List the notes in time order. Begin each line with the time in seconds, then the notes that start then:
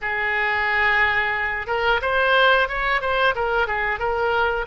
0.01 G#4
1.67 A#4
2.01 C5
2.68 C#5
3.01 C5
3.35 A#4
3.67 G#4
3.98 A#4